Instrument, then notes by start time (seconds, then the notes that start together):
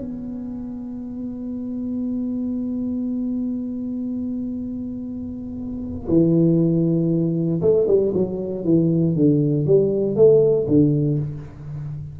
tuba
0.00 B3
6.09 E3
7.61 A3
7.88 G3
8.14 F#3
8.64 E3
9.15 D3
9.66 G3
10.16 A3
10.68 D3